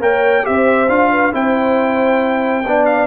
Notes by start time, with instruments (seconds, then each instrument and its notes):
0.00 tuba A#3, trombone A#4, horn C#5, trumpet G5
0.43 tuba C4, trombone G4, horn C5, trumpet E5
0.89 tuba D4, trombone F4, trumpet F5
1.11 horn B4
1.32 tuba C4, trombone E4, horn C5, trumpet G5
2.66 tuba B3, trombone D4, horn D5
2.86 trumpet F5